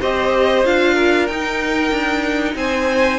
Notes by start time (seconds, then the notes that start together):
0.00 C4 G4 C5 D#5
0.64 D4 F4 F5
0.94 A#4
1.27 D#4 G5
1.91 D4
2.55 C4 C5 G#5